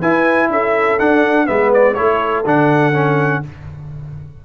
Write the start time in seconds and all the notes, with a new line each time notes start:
0.00 E4 B4 G#5
0.50 C#4 A4 E5
0.99 D4 F#5
1.46 G#3 B3 B4 E5
1.74 D5
1.95 A3 E4 A4 C#5
2.46 D3 D4 F#5
2.94 C#4